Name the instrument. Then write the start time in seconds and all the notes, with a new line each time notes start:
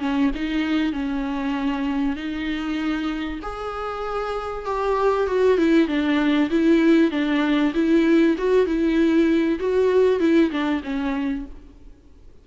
viola
0.00 C#4
0.35 D#4
0.93 C#4
2.16 D#4
3.42 G#4
4.66 G4
5.27 F#4
5.58 E4
5.88 D4
6.50 E4
7.11 D4
7.74 E4
8.38 F#4
8.66 E4
9.59 F#4
10.20 E4
10.51 D4
10.84 C#4